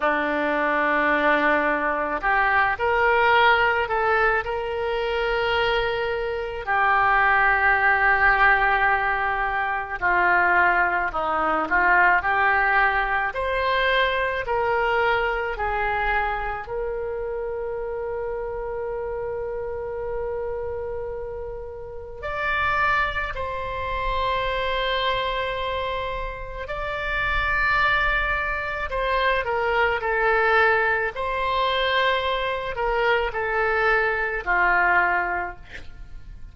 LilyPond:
\new Staff \with { instrumentName = "oboe" } { \time 4/4 \tempo 4 = 54 d'2 g'8 ais'4 a'8 | ais'2 g'2~ | g'4 f'4 dis'8 f'8 g'4 | c''4 ais'4 gis'4 ais'4~ |
ais'1 | d''4 c''2. | d''2 c''8 ais'8 a'4 | c''4. ais'8 a'4 f'4 | }